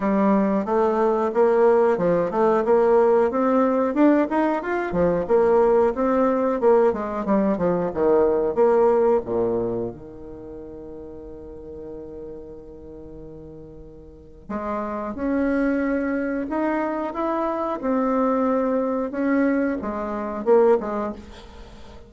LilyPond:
\new Staff \with { instrumentName = "bassoon" } { \time 4/4 \tempo 4 = 91 g4 a4 ais4 f8 a8 | ais4 c'4 d'8 dis'8 f'8 f8 | ais4 c'4 ais8 gis8 g8 f8 | dis4 ais4 ais,4 dis4~ |
dis1~ | dis2 gis4 cis'4~ | cis'4 dis'4 e'4 c'4~ | c'4 cis'4 gis4 ais8 gis8 | }